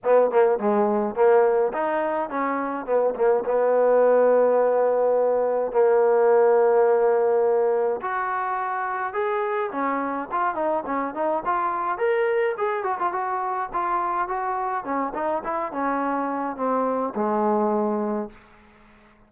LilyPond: \new Staff \with { instrumentName = "trombone" } { \time 4/4 \tempo 4 = 105 b8 ais8 gis4 ais4 dis'4 | cis'4 b8 ais8 b2~ | b2 ais2~ | ais2 fis'2 |
gis'4 cis'4 f'8 dis'8 cis'8 dis'8 | f'4 ais'4 gis'8 fis'16 f'16 fis'4 | f'4 fis'4 cis'8 dis'8 e'8 cis'8~ | cis'4 c'4 gis2 | }